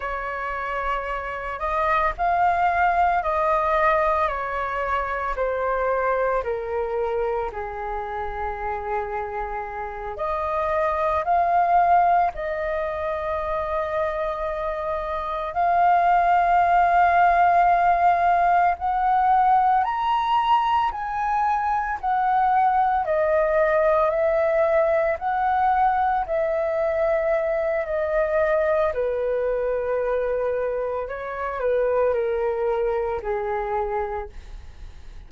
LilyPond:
\new Staff \with { instrumentName = "flute" } { \time 4/4 \tempo 4 = 56 cis''4. dis''8 f''4 dis''4 | cis''4 c''4 ais'4 gis'4~ | gis'4. dis''4 f''4 dis''8~ | dis''2~ dis''8 f''4.~ |
f''4. fis''4 ais''4 gis''8~ | gis''8 fis''4 dis''4 e''4 fis''8~ | fis''8 e''4. dis''4 b'4~ | b'4 cis''8 b'8 ais'4 gis'4 | }